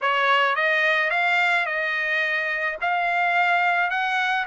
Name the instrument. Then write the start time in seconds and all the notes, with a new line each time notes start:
trumpet
0.01 C#5
0.55 D#5
1.10 F5
1.66 D#5
2.81 F5
3.90 F#5